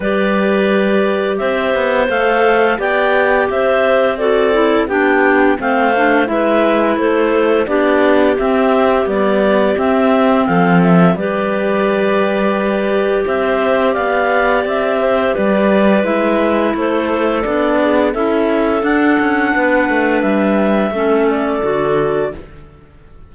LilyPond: <<
  \new Staff \with { instrumentName = "clarinet" } { \time 4/4 \tempo 4 = 86 d''2 e''4 f''4 | g''4 e''4 d''4 g''4 | f''4 e''4 c''4 d''4 | e''4 d''4 e''4 f''8 e''8 |
d''2. e''4 | f''4 e''4 d''4 e''4 | c''4 d''4 e''4 fis''4~ | fis''4 e''4. d''4. | }
  \new Staff \with { instrumentName = "clarinet" } { \time 4/4 b'2 c''2 | d''4 c''4 a'4 g'4 | c''4 b'4 a'4 g'4~ | g'2. a'4 |
b'2. c''4 | d''4. c''8 b'2 | a'4. gis'8 a'2 | b'2 a'2 | }
  \new Staff \with { instrumentName = "clarinet" } { \time 4/4 g'2. a'4 | g'2 fis'8 e'8 d'4 | c'8 d'8 e'2 d'4 | c'4 g4 c'2 |
g'1~ | g'2. e'4~ | e'4 d'4 e'4 d'4~ | d'2 cis'4 fis'4 | }
  \new Staff \with { instrumentName = "cello" } { \time 4/4 g2 c'8 b8 a4 | b4 c'2 b4 | a4 gis4 a4 b4 | c'4 b4 c'4 f4 |
g2. c'4 | b4 c'4 g4 gis4 | a4 b4 cis'4 d'8 cis'8 | b8 a8 g4 a4 d4 | }
>>